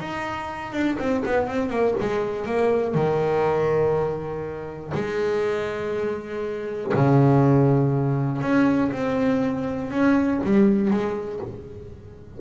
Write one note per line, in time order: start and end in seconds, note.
0.00 0.73 D#4
0.73 0.98 D4
0.99 1.24 C4
1.26 1.48 B3
1.48 1.70 C4
1.70 1.95 A#3
2.00 2.46 G#3
2.46 2.95 A#3
2.95 4.93 D#3
4.95 6.93 G#3
6.94 8.42 C#3
8.42 8.91 C#4
8.92 9.91 C4
9.91 10.41 C#4
10.44 10.91 G3
10.91 11.40 G#3